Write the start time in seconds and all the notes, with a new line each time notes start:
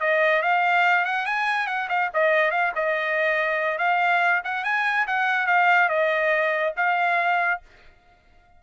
0.00 D#5
0.42 F5
1.05 F#5
1.26 G#5
1.67 F#5
1.89 F5
2.14 D#5
2.51 F5
2.75 D#5
3.78 F5
4.44 F#5
4.64 G#5
5.07 F#5
5.47 F5
5.89 D#5
6.76 F5